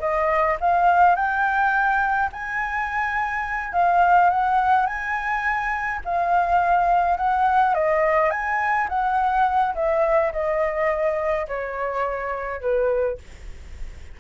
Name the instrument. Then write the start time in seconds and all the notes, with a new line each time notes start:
flute
0.00 D#5
0.61 F5
1.16 G5
2.32 G#5
3.73 F5
4.30 F#5
4.86 G#5
6.05 F5
7.17 F#5
7.75 D#5
8.31 G#5
8.89 F#5
9.75 E5
10.33 D#5
11.48 C#5
12.61 B4